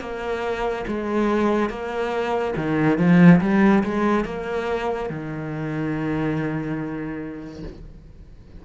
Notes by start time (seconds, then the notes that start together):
0.00 A#3
0.87 G#3
1.69 A#3
2.56 D#3
2.98 F3
3.41 G3
3.84 G#3
4.25 A#3
5.09 D#3